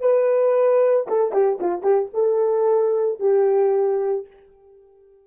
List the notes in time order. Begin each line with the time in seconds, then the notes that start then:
0.00 B4
1.08 A4
1.33 G4
1.60 F4
1.83 G4
2.14 A4
3.20 G4